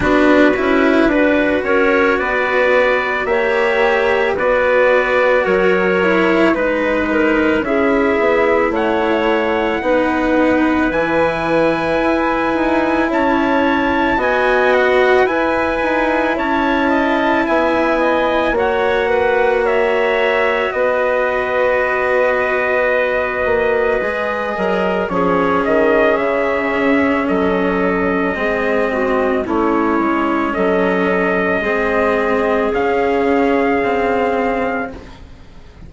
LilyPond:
<<
  \new Staff \with { instrumentName = "trumpet" } { \time 4/4 \tempo 4 = 55 b'4. cis''8 d''4 e''4 | d''4 cis''4 b'4 e''4 | fis''2 gis''2 | a''4 gis''8 fis''8 gis''4 a''4 |
gis''4 fis''4 e''4 dis''4~ | dis''2. cis''8 dis''8 | e''4 dis''2 cis''4 | dis''2 f''2 | }
  \new Staff \with { instrumentName = "clarinet" } { \time 4/4 fis'4 b'8 ais'8 b'4 cis''4 | b'4 ais'4 b'8 ais'8 gis'4 | cis''4 b'2. | cis''4 dis''4 b'4 cis''8 dis''8 |
e''8 dis''8 cis''8 b'8 cis''4 b'4~ | b'2~ b'8 ais'8 gis'4~ | gis'4 a'4 gis'8 fis'8 e'4 | a'4 gis'2. | }
  \new Staff \with { instrumentName = "cello" } { \time 4/4 d'8 e'8 fis'2 g'4 | fis'4. e'8 dis'4 e'4~ | e'4 dis'4 e'2~ | e'4 fis'4 e'2~ |
e'4 fis'2.~ | fis'2 gis'4 cis'4~ | cis'2 c'4 cis'4~ | cis'4 c'4 cis'4 c'4 | }
  \new Staff \with { instrumentName = "bassoon" } { \time 4/4 b8 cis'8 d'8 cis'8 b4 ais4 | b4 fis4 gis4 cis'8 b8 | a4 b4 e4 e'8 dis'8 | cis'4 b4 e'8 dis'8 cis'4 |
b4 ais2 b4~ | b4. ais8 gis8 fis8 f8 dis8 | cis4 fis4 gis4 a8 gis8 | fis4 gis4 cis2 | }
>>